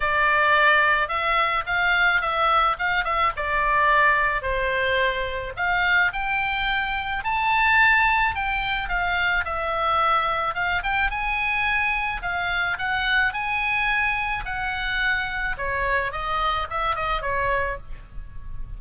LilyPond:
\new Staff \with { instrumentName = "oboe" } { \time 4/4 \tempo 4 = 108 d''2 e''4 f''4 | e''4 f''8 e''8 d''2 | c''2 f''4 g''4~ | g''4 a''2 g''4 |
f''4 e''2 f''8 g''8 | gis''2 f''4 fis''4 | gis''2 fis''2 | cis''4 dis''4 e''8 dis''8 cis''4 | }